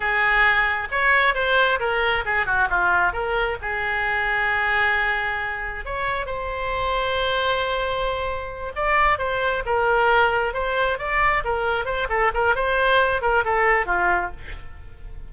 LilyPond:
\new Staff \with { instrumentName = "oboe" } { \time 4/4 \tempo 4 = 134 gis'2 cis''4 c''4 | ais'4 gis'8 fis'8 f'4 ais'4 | gis'1~ | gis'4 cis''4 c''2~ |
c''2.~ c''8 d''8~ | d''8 c''4 ais'2 c''8~ | c''8 d''4 ais'4 c''8 a'8 ais'8 | c''4. ais'8 a'4 f'4 | }